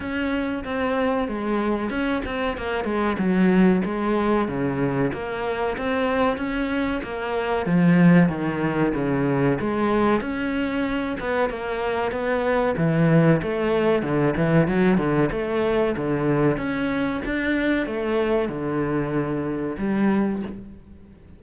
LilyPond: \new Staff \with { instrumentName = "cello" } { \time 4/4 \tempo 4 = 94 cis'4 c'4 gis4 cis'8 c'8 | ais8 gis8 fis4 gis4 cis4 | ais4 c'4 cis'4 ais4 | f4 dis4 cis4 gis4 |
cis'4. b8 ais4 b4 | e4 a4 d8 e8 fis8 d8 | a4 d4 cis'4 d'4 | a4 d2 g4 | }